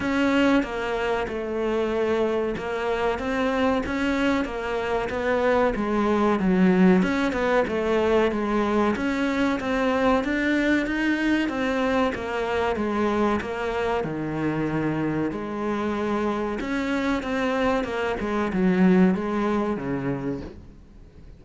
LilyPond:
\new Staff \with { instrumentName = "cello" } { \time 4/4 \tempo 4 = 94 cis'4 ais4 a2 | ais4 c'4 cis'4 ais4 | b4 gis4 fis4 cis'8 b8 | a4 gis4 cis'4 c'4 |
d'4 dis'4 c'4 ais4 | gis4 ais4 dis2 | gis2 cis'4 c'4 | ais8 gis8 fis4 gis4 cis4 | }